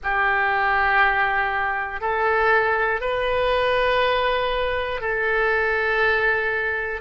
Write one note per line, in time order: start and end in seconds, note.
0.03 2.00 G4
2.00 3.00 A4
3.00 5.00 B4
5.00 7.00 A4